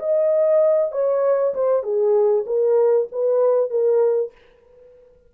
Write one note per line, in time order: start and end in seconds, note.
0.00 0.92 D#5
0.92 1.54 C#5
1.55 1.83 C5
1.83 2.45 G#4
2.47 3.08 A#4
3.12 3.71 B4
3.71 4.32 A#4